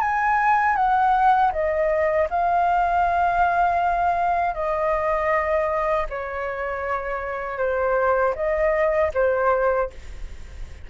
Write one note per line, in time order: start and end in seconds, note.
0.00 0.76 G#5
0.76 1.52 F#5
1.52 2.28 D#5
2.30 4.54 F5
4.54 6.06 D#5
6.09 7.58 C#5
7.58 8.34 C5
8.35 9.11 D#5
9.14 9.90 C5